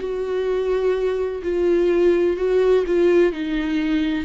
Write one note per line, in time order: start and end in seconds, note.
0.00 1.43 F#4
1.43 2.37 F4
2.37 2.85 F#4
2.87 3.33 F4
3.33 4.25 D#4